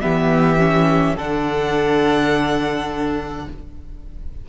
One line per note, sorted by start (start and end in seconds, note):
0.00 1.16 E3
0.00 0.58 B3
0.00 1.15 G4
0.00 1.15 E5
0.58 1.16 C#4
1.15 3.46 D3
1.15 3.48 D4
1.15 3.45 A4
1.15 3.49 F#5